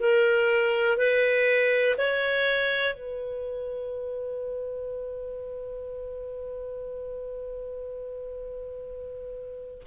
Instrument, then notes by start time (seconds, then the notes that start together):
clarinet
0.00 A#4
0.97 B4
1.97 C#5
2.94 B4